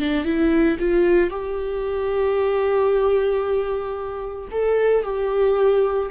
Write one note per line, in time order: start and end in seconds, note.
0.00 0.25 D4
0.25 0.78 E4
0.80 1.31 F4
1.31 4.49 G4
4.52 5.04 A4
5.04 6.10 G4